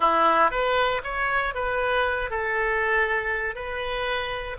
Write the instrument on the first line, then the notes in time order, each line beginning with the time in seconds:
oboe
0.00 E4
0.51 B4
1.03 C#5
1.54 B4
2.30 A4
3.55 B4